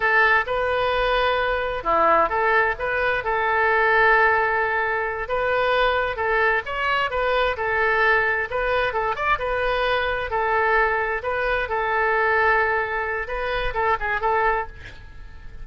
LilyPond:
\new Staff \with { instrumentName = "oboe" } { \time 4/4 \tempo 4 = 131 a'4 b'2. | e'4 a'4 b'4 a'4~ | a'2.~ a'8 b'8~ | b'4. a'4 cis''4 b'8~ |
b'8 a'2 b'4 a'8 | d''8 b'2 a'4.~ | a'8 b'4 a'2~ a'8~ | a'4 b'4 a'8 gis'8 a'4 | }